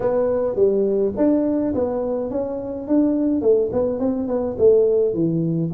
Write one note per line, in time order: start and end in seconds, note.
0.00 0.55 B3
0.55 1.12 G3
1.17 1.74 D4
1.74 2.30 B3
2.30 2.87 C#4
2.87 3.41 D4
3.41 3.70 A3
3.72 3.99 B3
3.99 4.27 C4
4.27 4.56 B3
4.58 5.14 A3
5.14 5.71 E3